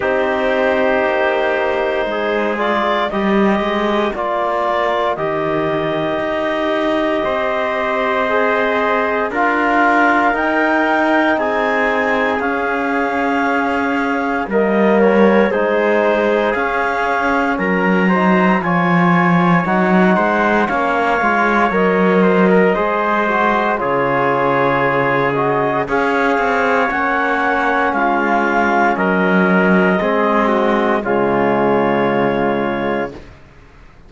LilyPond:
<<
  \new Staff \with { instrumentName = "clarinet" } { \time 4/4 \tempo 4 = 58 c''2~ c''8 d''8 dis''4 | d''4 dis''2.~ | dis''4 f''4 g''4 gis''4 | f''2 dis''8 cis''8 c''4 |
f''4 ais''4 gis''4 fis''4 | f''4 dis''2 cis''4~ | cis''8 dis''8 f''4 fis''4 f''4 | dis''2 cis''2 | }
  \new Staff \with { instrumentName = "trumpet" } { \time 4/4 g'2 gis'4 ais'4~ | ais'2. c''4~ | c''4 ais'2 gis'4~ | gis'2 ais'4 gis'4~ |
gis'4 ais'8 c''8 cis''4. c''8 | cis''4. c''16 ais'16 c''4 gis'4~ | gis'4 cis''2 f'4 | ais'4 gis'8 fis'8 f'2 | }
  \new Staff \with { instrumentName = "trombone" } { \time 4/4 dis'2~ dis'8 f'8 g'4 | f'4 g'2. | gis'4 f'4 dis'2 | cis'2 ais4 dis'4 |
cis'4. dis'8 f'4 dis'4 | cis'8 f'8 ais'4 gis'8 fis'8 f'4~ | f'8 fis'8 gis'4 cis'2~ | cis'4 c'4 gis2 | }
  \new Staff \with { instrumentName = "cello" } { \time 4/4 c'4 ais4 gis4 g8 gis8 | ais4 dis4 dis'4 c'4~ | c'4 d'4 dis'4 c'4 | cis'2 g4 gis4 |
cis'4 fis4 f4 fis8 gis8 | ais8 gis8 fis4 gis4 cis4~ | cis4 cis'8 c'8 ais4 gis4 | fis4 gis4 cis2 | }
>>